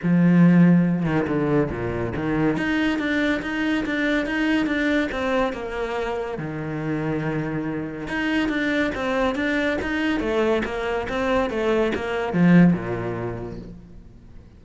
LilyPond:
\new Staff \with { instrumentName = "cello" } { \time 4/4 \tempo 4 = 141 f2~ f8 dis8 d4 | ais,4 dis4 dis'4 d'4 | dis'4 d'4 dis'4 d'4 | c'4 ais2 dis4~ |
dis2. dis'4 | d'4 c'4 d'4 dis'4 | a4 ais4 c'4 a4 | ais4 f4 ais,2 | }